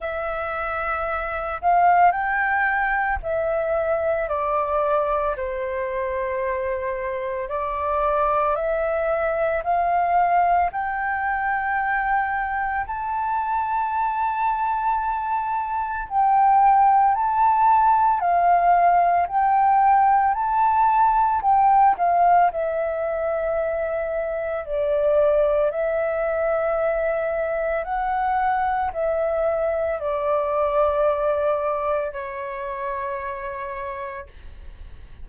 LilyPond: \new Staff \with { instrumentName = "flute" } { \time 4/4 \tempo 4 = 56 e''4. f''8 g''4 e''4 | d''4 c''2 d''4 | e''4 f''4 g''2 | a''2. g''4 |
a''4 f''4 g''4 a''4 | g''8 f''8 e''2 d''4 | e''2 fis''4 e''4 | d''2 cis''2 | }